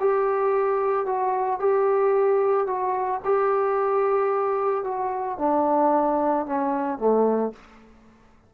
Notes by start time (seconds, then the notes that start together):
0.00 G4
1.06 F#4
1.59 G4
2.67 F#4
3.24 G4
4.84 F#4
5.38 D4
6.46 C#4
6.98 A3